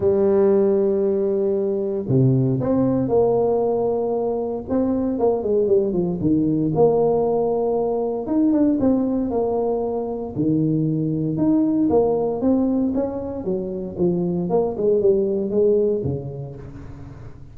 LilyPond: \new Staff \with { instrumentName = "tuba" } { \time 4/4 \tempo 4 = 116 g1 | c4 c'4 ais2~ | ais4 c'4 ais8 gis8 g8 f8 | dis4 ais2. |
dis'8 d'8 c'4 ais2 | dis2 dis'4 ais4 | c'4 cis'4 fis4 f4 | ais8 gis8 g4 gis4 cis4 | }